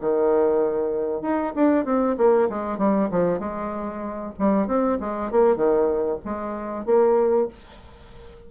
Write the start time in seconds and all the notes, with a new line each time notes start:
0.00 D#3
1.21 D#4
1.55 D4
1.84 C4
2.17 A#3
2.49 G#3
2.78 G3
3.11 F3
3.39 G#3
4.38 G3
4.67 C4
4.99 G#3
5.31 A#3
5.56 D#3
6.24 G#3
6.85 A#3